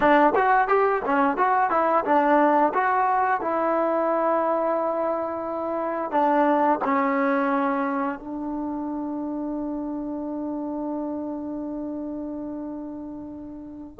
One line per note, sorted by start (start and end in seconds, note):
0.00 0.33 D4
0.35 0.68 F#4
0.68 1.02 G4
1.05 1.37 C#4
1.37 1.70 F#4
1.70 2.04 E4
2.05 2.73 D4
2.74 3.41 F#4
3.41 6.11 E4
6.11 6.79 D4
6.84 8.18 C#4
8.18 13.98 D4